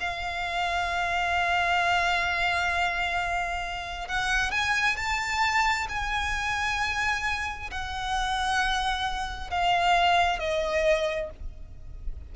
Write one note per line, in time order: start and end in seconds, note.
0.00 4.08 F5
4.08 4.51 F#5
4.51 4.96 G#5
4.96 5.87 A5
5.88 7.70 G#5
7.71 9.50 F#5
9.50 10.39 F5
10.39 11.30 D#5